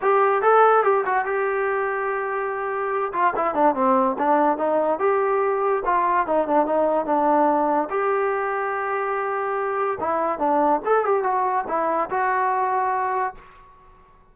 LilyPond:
\new Staff \with { instrumentName = "trombone" } { \time 4/4 \tempo 4 = 144 g'4 a'4 g'8 fis'8 g'4~ | g'2.~ g'8 f'8 | e'8 d'8 c'4 d'4 dis'4 | g'2 f'4 dis'8 d'8 |
dis'4 d'2 g'4~ | g'1 | e'4 d'4 a'8 g'8 fis'4 | e'4 fis'2. | }